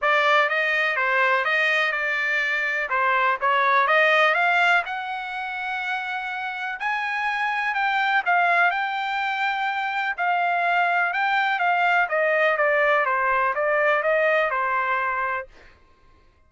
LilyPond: \new Staff \with { instrumentName = "trumpet" } { \time 4/4 \tempo 4 = 124 d''4 dis''4 c''4 dis''4 | d''2 c''4 cis''4 | dis''4 f''4 fis''2~ | fis''2 gis''2 |
g''4 f''4 g''2~ | g''4 f''2 g''4 | f''4 dis''4 d''4 c''4 | d''4 dis''4 c''2 | }